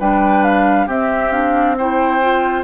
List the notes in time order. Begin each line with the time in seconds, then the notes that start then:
0.00 G3 D4 B4 G5
0.44 F5
0.87 C4 G4 E5
1.32 D4 F5
1.78 E4 C5 G5
2.22 F4